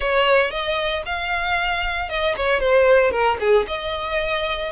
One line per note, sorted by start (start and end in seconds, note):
0.00 0.50 C#5
0.50 1.02 D#5
1.05 2.09 F5
2.09 2.35 D#5
2.36 2.59 C#5
2.59 3.11 C5
3.11 3.37 A#4
3.40 3.66 G#4
3.67 4.71 D#5